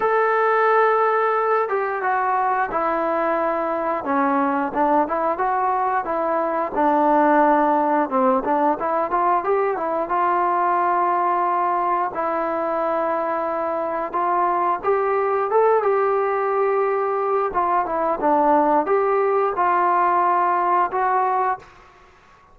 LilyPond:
\new Staff \with { instrumentName = "trombone" } { \time 4/4 \tempo 4 = 89 a'2~ a'8 g'8 fis'4 | e'2 cis'4 d'8 e'8 | fis'4 e'4 d'2 | c'8 d'8 e'8 f'8 g'8 e'8 f'4~ |
f'2 e'2~ | e'4 f'4 g'4 a'8 g'8~ | g'2 f'8 e'8 d'4 | g'4 f'2 fis'4 | }